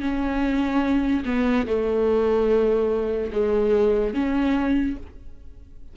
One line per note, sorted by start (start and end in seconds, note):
0.00 1.23 C#4
1.25 1.66 B3
1.67 3.31 A3
3.32 4.14 G#3
4.14 4.96 C#4